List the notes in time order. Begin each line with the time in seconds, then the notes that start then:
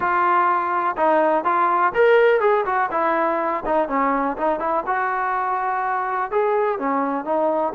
0.00 F4
0.97 D#4
1.44 F4
1.94 A#4
2.40 G#4
2.65 F#4
2.91 E4
3.65 D#4
3.88 C#4
4.37 D#4
4.59 E4
4.86 F#4
6.31 G#4
6.78 C#4
7.24 D#4